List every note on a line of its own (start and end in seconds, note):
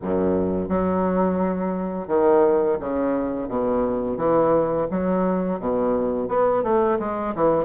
0.02 0.68 F#2
0.68 2.07 F#3
2.07 2.77 D#3
2.79 3.48 C#3
3.48 4.17 B2
4.17 4.87 E3
4.91 5.59 F#3
5.59 6.28 B2
6.28 6.63 B3
6.63 6.98 A3
6.99 7.34 G#3
7.35 7.65 E3